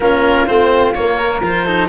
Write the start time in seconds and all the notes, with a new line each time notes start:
0.00 A#3 C#4 F4 A#4
0.47 A3 C4 C5
0.93 A#3 C#5
1.17 A#4
1.40 F3 F4 C5
1.64 D#4 A4